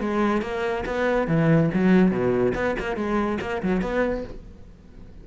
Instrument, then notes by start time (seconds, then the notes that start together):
cello
0.00 G#3
0.42 A#3
0.85 B3
1.27 E3
1.74 F#3
2.11 B2
2.54 B3
2.79 A#3
2.96 G#3
3.41 A#3
3.62 F#3
3.81 B3